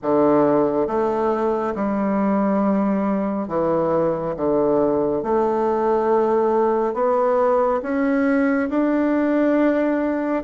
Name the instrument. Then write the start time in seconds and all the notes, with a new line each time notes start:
bassoon
0.02 D3
0.87 A3
1.75 G3
3.47 E3
4.36 D3
5.23 A3
6.94 B3
7.82 C#4
8.69 D4